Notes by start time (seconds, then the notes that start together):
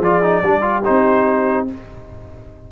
0.00 F3 F4 G#4 D5
0.23 D#4
0.43 G3 D4 G4
0.62 F4
0.84 C4 D#4 C5